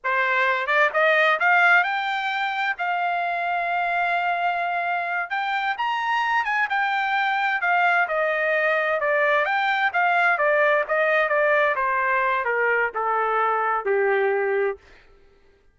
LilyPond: \new Staff \with { instrumentName = "trumpet" } { \time 4/4 \tempo 4 = 130 c''4. d''8 dis''4 f''4 | g''2 f''2~ | f''2.~ f''8 g''8~ | g''8 ais''4. gis''8 g''4.~ |
g''8 f''4 dis''2 d''8~ | d''8 g''4 f''4 d''4 dis''8~ | dis''8 d''4 c''4. ais'4 | a'2 g'2 | }